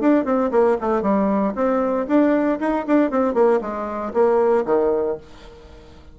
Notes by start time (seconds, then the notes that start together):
0.00 D4
0.24 C4
0.51 A#3
0.80 A3
1.02 G3
1.55 C4
2.07 D4
2.60 D#4
2.87 D4
3.11 C4
3.34 A#3
3.61 G#3
4.13 A#3
4.66 D#3